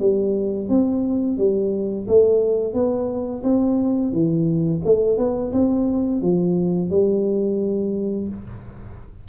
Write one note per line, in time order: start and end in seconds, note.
0.00 0.69 G3
0.69 1.38 C4
1.38 2.07 G3
2.08 2.74 A3
2.74 3.43 B3
3.44 4.13 C4
4.13 4.82 E3
4.85 5.18 A3
5.18 5.52 B3
5.53 6.22 C4
6.22 6.90 F3
6.90 8.28 G3